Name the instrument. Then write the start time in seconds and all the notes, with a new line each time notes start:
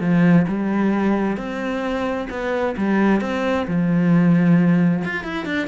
cello
0.00 F3
0.48 G3
1.37 C4
2.30 B3
2.77 G3
3.21 C4
3.67 F3
5.04 F4
5.24 E4
5.45 D4